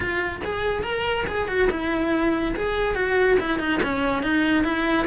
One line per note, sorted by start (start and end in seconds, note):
0.00 0.41 F4
0.44 0.83 G#4
0.83 1.25 A#4
1.27 1.48 G#4
1.48 1.69 F#4
1.70 2.54 E4
2.56 2.95 G#4
2.95 3.37 F#4
3.39 3.59 E4
3.59 3.80 D#4
3.82 4.22 C#4
4.22 4.64 D#4
4.64 5.06 E4